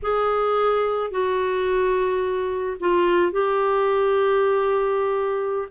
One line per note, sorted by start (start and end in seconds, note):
0.02 1.10 G#4
1.10 2.77 F#4
2.80 3.32 F4
3.32 5.68 G4